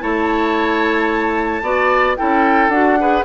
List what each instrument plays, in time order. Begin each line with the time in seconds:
0.00 bassoon A3, clarinet E4, oboe C#5, flute A5
1.62 bassoon B3, clarinet F#4, oboe D5
2.16 bassoon C#4, clarinet E4, oboe A4, flute G5
2.68 bassoon D4, clarinet F#4, flute F#5
2.99 clarinet G#4, oboe B4